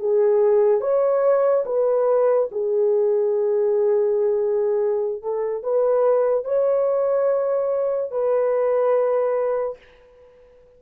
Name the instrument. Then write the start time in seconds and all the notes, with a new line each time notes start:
horn
0.00 G#4
0.81 C#5
1.66 B4
2.52 G#4
5.23 A4
5.64 B4
6.45 C#5
8.11 B4